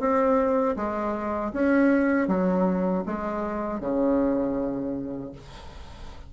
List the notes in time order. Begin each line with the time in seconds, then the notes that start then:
0.00 C4
0.76 G#3
1.53 C#4
2.28 F#3
3.06 G#3
3.80 C#3